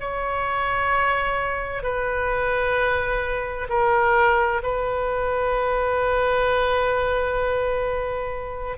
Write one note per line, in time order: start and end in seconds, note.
0.00 1.83 C#5
1.83 3.68 B4
3.70 4.62 A#4
4.63 8.78 B4